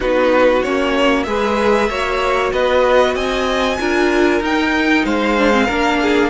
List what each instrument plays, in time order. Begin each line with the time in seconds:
0.00 cello B3, viola D#4, violin F#4 B4
0.62 cello A#3, viola C#4, violin C#5
1.23 cello G#3, viola G#4, violin B4 E5
1.89 cello A#3, viola F#4, violin C#5
2.52 cello B3, violin B4 D#5
3.14 cello C4, violin D#5 G#5
3.79 cello D4, viola F4, violin A#4
4.40 cello D#4, viola D#4, violin G5
5.05 cello G#3, violin C5 F5
5.37 viola D4
5.51 viola C4
5.66 cello A#3, viola D4, violin A#4
6.01 violin G#4